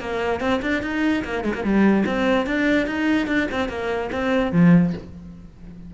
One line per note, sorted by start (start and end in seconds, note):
0.00 0.40 A#3
0.40 0.61 C4
0.62 0.82 D4
0.82 1.23 D#4
1.24 1.44 A#3
1.44 1.54 G#3
1.54 1.63 A#3
1.63 2.04 G3
2.06 2.46 C4
2.46 2.87 D4
2.87 3.27 D#4
3.27 3.47 D4
3.51 3.69 C4
3.69 4.10 A#3
4.12 4.52 C4
4.52 4.93 F3